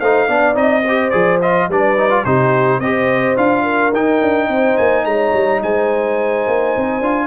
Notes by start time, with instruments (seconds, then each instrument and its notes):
0.00 tuba A3, trombone D#4, horn C5, trumpet F5
0.28 tuba B3, trombone D4, horn D5
0.54 tuba C4, trombone D#4, trumpet D#5
0.84 trombone G4, horn C5
1.10 tuba F3, trombone G#4, trumpet D5
1.41 trombone F4, trumpet D#5
1.68 tuba G3, trombone D4, horn B4, trumpet D5
1.97 trombone D#4
2.10 trombone F4
2.24 tuba C3, trombone D#4, horn G4, trumpet C5
2.80 tuba C4, trombone G4, horn C5, trumpet D#5
3.37 tuba D4, trombone F4, trumpet F5
3.63 horn A#4
3.92 tuba D#4, trombone D#4, trumpet G5
4.21 tuba D4
4.48 tuba C4, horn C5
4.77 tuba A#3, trumpet G#5
5.05 tuba G#3, horn C#5, trumpet A#5
5.33 tuba G3
5.62 tuba G#3, horn C5, trumpet G#5
6.47 tuba A#3
6.77 tuba C4
7.00 tuba D4, trombone F4